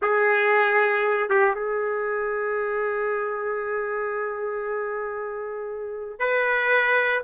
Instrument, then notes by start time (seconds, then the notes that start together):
trumpet
0.02 G#4
1.29 G4
1.54 G#4
6.19 B4